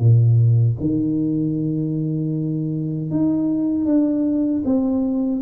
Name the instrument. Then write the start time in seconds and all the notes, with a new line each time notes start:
tuba
0.00 A#2
0.81 D#3
3.11 D#4
3.86 D4
4.66 C4